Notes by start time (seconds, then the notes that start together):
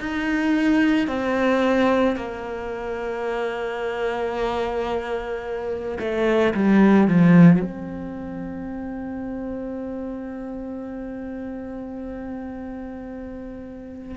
0.00 D#4
1.08 C4
2.17 A#3
6.00 A3
6.54 G3
7.08 F3
7.62 C4